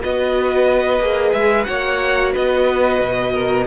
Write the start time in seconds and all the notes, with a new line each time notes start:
0.00 B3 F#4 B4 D#5
0.99 A#3 G#4
1.32 G#3 E5
1.64 A#3 F#4 C#5 F#5
2.32 B3 B4 D#5
3.01 B2
3.33 A#4